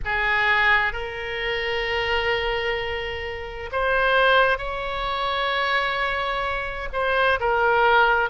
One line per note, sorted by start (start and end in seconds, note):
0.05 0.92 G#4
0.92 3.69 A#4
3.72 4.57 C5
4.57 6.88 C#5
6.92 7.38 C5
7.39 8.29 A#4